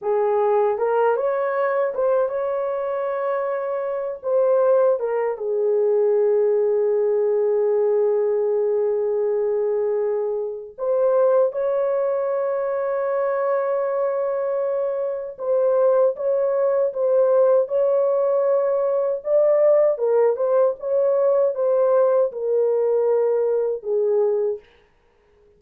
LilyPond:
\new Staff \with { instrumentName = "horn" } { \time 4/4 \tempo 4 = 78 gis'4 ais'8 cis''4 c''8 cis''4~ | cis''4. c''4 ais'8 gis'4~ | gis'1~ | gis'2 c''4 cis''4~ |
cis''1 | c''4 cis''4 c''4 cis''4~ | cis''4 d''4 ais'8 c''8 cis''4 | c''4 ais'2 gis'4 | }